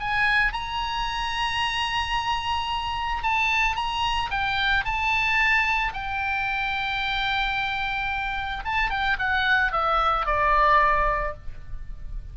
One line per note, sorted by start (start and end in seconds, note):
0.00 0.53 G#5
0.53 3.23 A#5
3.23 3.76 A5
3.76 4.30 A#5
4.30 4.85 G5
4.85 5.93 A5
5.93 8.64 G5
8.65 8.90 A5
8.90 9.17 G5
9.19 9.72 F#5
9.72 10.26 E5
10.26 11.34 D5